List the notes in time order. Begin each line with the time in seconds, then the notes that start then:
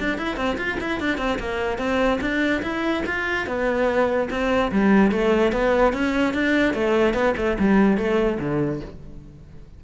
0.00 D4
0.18 E4
0.37 C4
0.58 F4
0.81 E4
1.00 D4
1.18 C4
1.39 A#3
1.79 C4
2.21 D4
2.63 E4
3.07 F4
3.47 B3
4.31 C4
4.72 G3
5.12 A3
5.52 B3
5.93 C#4
6.34 D4
6.74 A3
7.14 B3
7.37 A3
7.59 G3
7.98 A3
8.40 D3